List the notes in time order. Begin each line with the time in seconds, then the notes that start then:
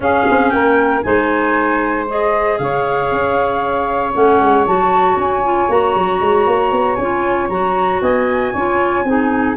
0.00 C#4 G#4 F5
0.30 C4
0.49 A#3 A#4 G5
1.02 G#3 D#4 C5 G#5
2.08 G#4 D#5
2.57 C#3 C#5 F5
3.11 C#4
4.13 A3 C#4 F#5
4.40 G#3
4.66 F#3 F#4 A5
5.16 C#4 G#5
5.43 F4
5.68 A#3 F#4 A#5
5.95 F#3
6.20 G#3
6.46 A#3
6.71 B3
6.95 C#4 F4 G#5
7.49 F#3 F#4 A#5
8.01 B3 D#5 G#5
8.52 C#4 F4 C#5
9.04 C4 D#4 G#4